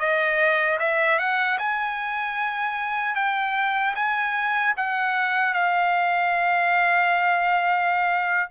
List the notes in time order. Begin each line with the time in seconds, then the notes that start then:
0.00 D#5
0.80 E5
1.19 F#5
1.59 G#5
3.15 G5
3.95 G#5
4.77 F#5
5.54 F5